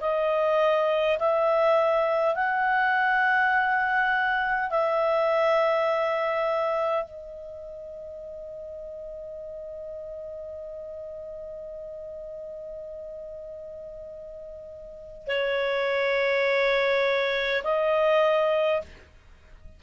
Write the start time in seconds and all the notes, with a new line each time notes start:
0.00 D#5
1.19 E5
2.35 F#5
4.70 E5
7.04 D#5
15.27 C#5
17.64 D#5